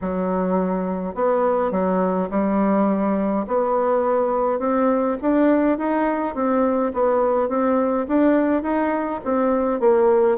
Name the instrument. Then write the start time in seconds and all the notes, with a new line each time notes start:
bassoon
0.01 F#3
1.15 B3
1.71 F#3
2.30 G3
3.47 B3
4.59 C4
5.21 D4
5.78 D#4
6.34 C4
6.93 B3
7.48 C4
8.08 D4
8.62 D#4
9.24 C4
9.80 A#3